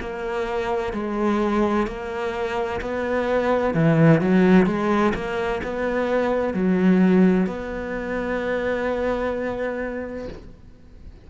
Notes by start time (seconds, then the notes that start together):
0.00 A#3
0.93 G#3
1.87 A#3
2.81 B3
3.74 E3
4.21 F#3
4.66 G#3
5.14 A#3
5.63 B3
6.54 F#3
7.47 B3